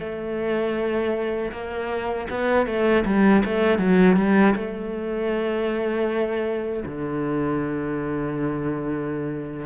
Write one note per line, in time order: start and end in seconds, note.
0.00 1.52 A3
1.52 2.28 A#3
2.31 2.67 B3
2.67 3.04 A3
3.06 3.43 G3
3.45 3.79 A3
3.79 4.17 F#3
4.17 4.55 G3
4.56 6.84 A3
6.86 9.67 D3